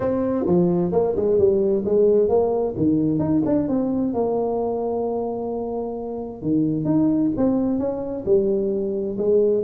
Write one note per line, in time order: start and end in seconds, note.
0.00 0.46 C4
0.46 0.92 F3
0.92 1.15 A#3
1.16 1.38 G#3
1.38 1.84 G3
1.85 2.28 G#3
2.28 2.74 A#3
2.76 3.19 D#3
3.19 3.42 D#4
3.45 3.68 D4
3.68 4.13 C4
4.13 6.42 A#3
6.42 6.85 D#3
6.85 7.30 D#4
7.36 7.78 C4
7.78 8.24 C#4
8.25 9.17 G3
9.18 9.63 G#3